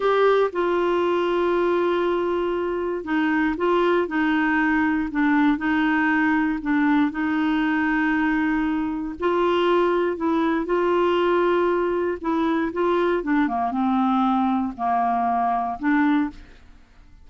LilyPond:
\new Staff \with { instrumentName = "clarinet" } { \time 4/4 \tempo 4 = 118 g'4 f'2.~ | f'2 dis'4 f'4 | dis'2 d'4 dis'4~ | dis'4 d'4 dis'2~ |
dis'2 f'2 | e'4 f'2. | e'4 f'4 d'8 ais8 c'4~ | c'4 ais2 d'4 | }